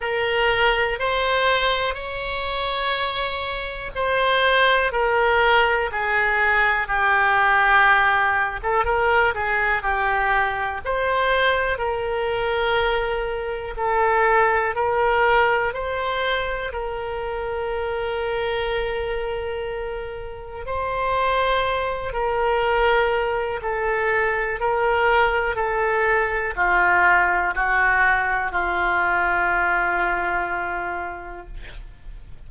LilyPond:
\new Staff \with { instrumentName = "oboe" } { \time 4/4 \tempo 4 = 61 ais'4 c''4 cis''2 | c''4 ais'4 gis'4 g'4~ | g'8. a'16 ais'8 gis'8 g'4 c''4 | ais'2 a'4 ais'4 |
c''4 ais'2.~ | ais'4 c''4. ais'4. | a'4 ais'4 a'4 f'4 | fis'4 f'2. | }